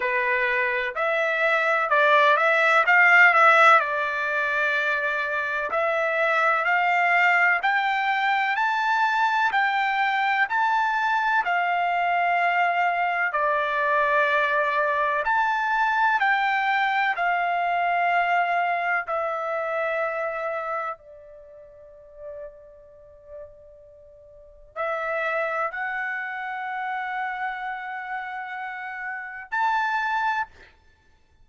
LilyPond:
\new Staff \with { instrumentName = "trumpet" } { \time 4/4 \tempo 4 = 63 b'4 e''4 d''8 e''8 f''8 e''8 | d''2 e''4 f''4 | g''4 a''4 g''4 a''4 | f''2 d''2 |
a''4 g''4 f''2 | e''2 d''2~ | d''2 e''4 fis''4~ | fis''2. a''4 | }